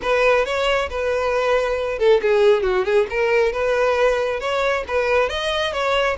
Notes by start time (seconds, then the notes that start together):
0.02 B4
0.45 C#5
0.89 B4
1.99 A4
2.21 G#4
2.62 F#4
2.85 G#4
3.09 A#4
3.52 B4
4.39 C#5
4.87 B4
5.29 D#5
5.72 C#5